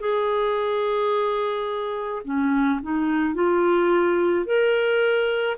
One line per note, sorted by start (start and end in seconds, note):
0.00 2.22 G#4
2.24 2.80 C#4
2.82 3.34 D#4
3.34 4.45 F4
4.45 5.57 A#4